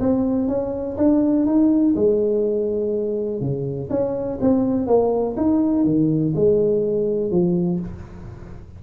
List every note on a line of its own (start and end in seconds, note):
0.00 0.48 C4
0.48 0.97 C#4
0.97 1.46 D4
1.46 1.95 D#4
1.96 3.40 G#3
3.40 3.89 C#3
3.90 4.39 C#4
4.41 4.87 C4
4.87 5.35 A#3
5.37 5.84 D#4
5.84 6.33 D#3
6.35 7.31 G#3
7.31 7.80 F3